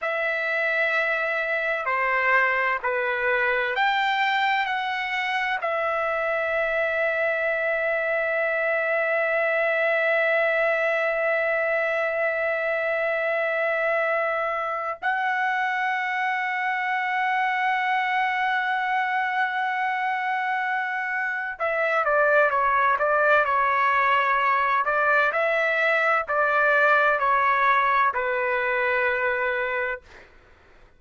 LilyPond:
\new Staff \with { instrumentName = "trumpet" } { \time 4/4 \tempo 4 = 64 e''2 c''4 b'4 | g''4 fis''4 e''2~ | e''1~ | e''1 |
fis''1~ | fis''2. e''8 d''8 | cis''8 d''8 cis''4. d''8 e''4 | d''4 cis''4 b'2 | }